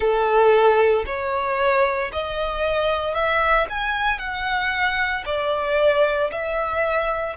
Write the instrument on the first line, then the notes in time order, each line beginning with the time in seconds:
violin
0.00 A4
1.06 C#5
2.12 D#5
3.14 E5
3.69 G#5
4.18 F#5
5.25 D5
6.32 E5